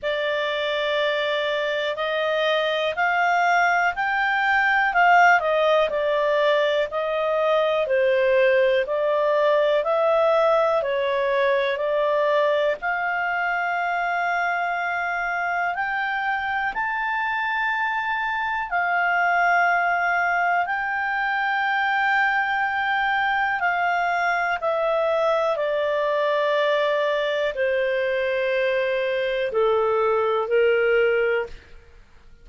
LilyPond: \new Staff \with { instrumentName = "clarinet" } { \time 4/4 \tempo 4 = 61 d''2 dis''4 f''4 | g''4 f''8 dis''8 d''4 dis''4 | c''4 d''4 e''4 cis''4 | d''4 f''2. |
g''4 a''2 f''4~ | f''4 g''2. | f''4 e''4 d''2 | c''2 a'4 ais'4 | }